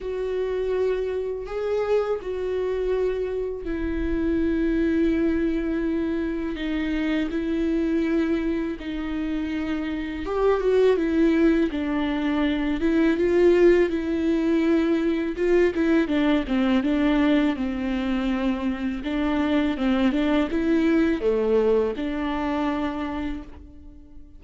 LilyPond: \new Staff \with { instrumentName = "viola" } { \time 4/4 \tempo 4 = 82 fis'2 gis'4 fis'4~ | fis'4 e'2.~ | e'4 dis'4 e'2 | dis'2 g'8 fis'8 e'4 |
d'4. e'8 f'4 e'4~ | e'4 f'8 e'8 d'8 c'8 d'4 | c'2 d'4 c'8 d'8 | e'4 a4 d'2 | }